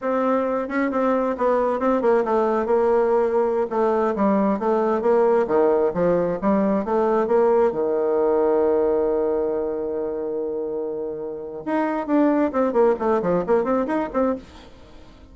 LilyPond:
\new Staff \with { instrumentName = "bassoon" } { \time 4/4 \tempo 4 = 134 c'4. cis'8 c'4 b4 | c'8 ais8 a4 ais2~ | ais16 a4 g4 a4 ais8.~ | ais16 dis4 f4 g4 a8.~ |
a16 ais4 dis2~ dis8.~ | dis1~ | dis2 dis'4 d'4 | c'8 ais8 a8 f8 ais8 c'8 dis'8 c'8 | }